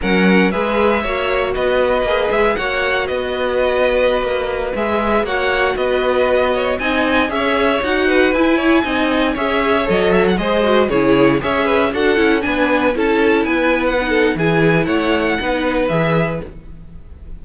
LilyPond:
<<
  \new Staff \with { instrumentName = "violin" } { \time 4/4 \tempo 4 = 117 fis''4 e''2 dis''4~ | dis''8 e''8 fis''4 dis''2~ | dis''4~ dis''16 e''4 fis''4 dis''8.~ | dis''4~ dis''16 gis''4 e''4 fis''8.~ |
fis''16 gis''2 e''4 dis''8 e''16 | fis''16 dis''4 cis''4 e''4 fis''8.~ | fis''16 gis''4 a''4 gis''8. fis''4 | gis''4 fis''2 e''4 | }
  \new Staff \with { instrumentName = "violin" } { \time 4/4 ais'4 b'4 cis''4 b'4~ | b'4 cis''4 b'2~ | b'2~ b'16 cis''4 b'8.~ | b'8. cis''8 dis''4 cis''4. b'16~ |
b'8. cis''8 dis''4 cis''4.~ cis''16~ | cis''16 c''4 gis'4 cis''8 b'8 a'8.~ | a'16 b'4 a'4 b'4~ b'16 a'8 | gis'4 cis''4 b'2 | }
  \new Staff \with { instrumentName = "viola" } { \time 4/4 cis'4 gis'4 fis'2 | gis'4 fis'2.~ | fis'4~ fis'16 gis'4 fis'4.~ fis'16~ | fis'4~ fis'16 dis'4 gis'4 fis'8.~ |
fis'16 e'4 dis'4 gis'4 a'8.~ | a'16 gis'8 fis'8 e'4 gis'4 fis'8 e'16~ | e'16 d'4 e'2 dis'8. | e'2 dis'4 gis'4 | }
  \new Staff \with { instrumentName = "cello" } { \time 4/4 fis4 gis4 ais4 b4 | ais8 gis8 ais4 b2~ | b16 ais4 gis4 ais4 b8.~ | b4~ b16 c'4 cis'4 dis'8.~ |
dis'16 e'4 c'4 cis'4 fis8.~ | fis16 gis4 cis4 cis'4 d'8 cis'16~ | cis'16 b4 cis'4 b4.~ b16 | e4 a4 b4 e4 | }
>>